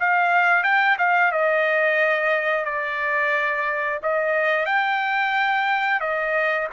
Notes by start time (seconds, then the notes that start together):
0.00 F5
0.64 G5
0.98 F5
1.32 D#5
2.65 D5
4.03 D#5
4.66 G5
6.01 D#5